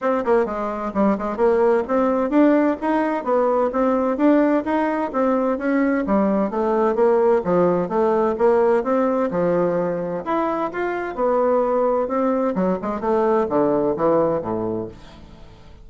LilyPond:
\new Staff \with { instrumentName = "bassoon" } { \time 4/4 \tempo 4 = 129 c'8 ais8 gis4 g8 gis8 ais4 | c'4 d'4 dis'4 b4 | c'4 d'4 dis'4 c'4 | cis'4 g4 a4 ais4 |
f4 a4 ais4 c'4 | f2 e'4 f'4 | b2 c'4 fis8 gis8 | a4 d4 e4 a,4 | }